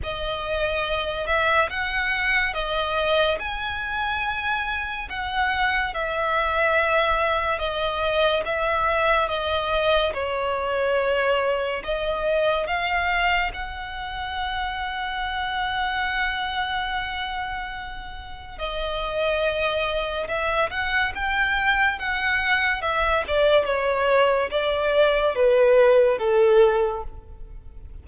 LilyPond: \new Staff \with { instrumentName = "violin" } { \time 4/4 \tempo 4 = 71 dis''4. e''8 fis''4 dis''4 | gis''2 fis''4 e''4~ | e''4 dis''4 e''4 dis''4 | cis''2 dis''4 f''4 |
fis''1~ | fis''2 dis''2 | e''8 fis''8 g''4 fis''4 e''8 d''8 | cis''4 d''4 b'4 a'4 | }